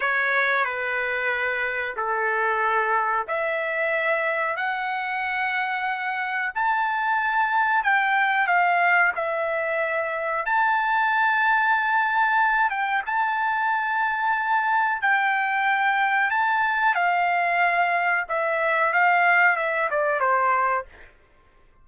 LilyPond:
\new Staff \with { instrumentName = "trumpet" } { \time 4/4 \tempo 4 = 92 cis''4 b'2 a'4~ | a'4 e''2 fis''4~ | fis''2 a''2 | g''4 f''4 e''2 |
a''2.~ a''8 g''8 | a''2. g''4~ | g''4 a''4 f''2 | e''4 f''4 e''8 d''8 c''4 | }